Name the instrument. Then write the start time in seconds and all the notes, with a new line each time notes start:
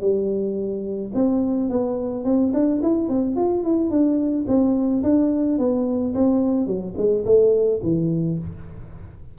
tuba
0.00 G3
1.14 C4
1.69 B3
2.24 C4
2.53 D4
2.82 E4
3.09 C4
3.36 F4
3.63 E4
3.90 D4
4.47 C4
5.03 D4
5.58 B3
6.14 C4
6.66 F#3
6.97 G#3
7.25 A3
7.82 E3